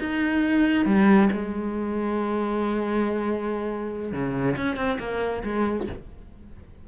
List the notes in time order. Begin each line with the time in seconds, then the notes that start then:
0.00 D#4
0.86 G3
1.33 G#3
4.13 C#3
4.57 C#4
4.76 C4
4.99 A#3
5.44 G#3